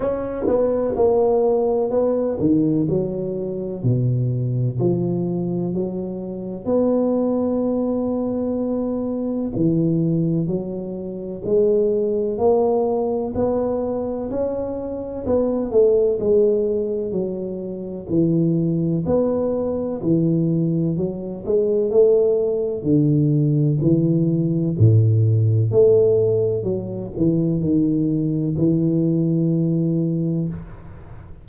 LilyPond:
\new Staff \with { instrumentName = "tuba" } { \time 4/4 \tempo 4 = 63 cis'8 b8 ais4 b8 dis8 fis4 | b,4 f4 fis4 b4~ | b2 e4 fis4 | gis4 ais4 b4 cis'4 |
b8 a8 gis4 fis4 e4 | b4 e4 fis8 gis8 a4 | d4 e4 a,4 a4 | fis8 e8 dis4 e2 | }